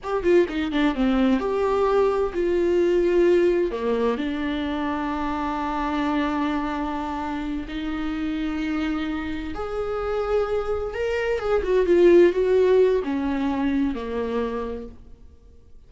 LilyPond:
\new Staff \with { instrumentName = "viola" } { \time 4/4 \tempo 4 = 129 g'8 f'8 dis'8 d'8 c'4 g'4~ | g'4 f'2. | ais4 d'2.~ | d'1~ |
d'8 dis'2.~ dis'8~ | dis'8 gis'2. ais'8~ | ais'8 gis'8 fis'8 f'4 fis'4. | cis'2 ais2 | }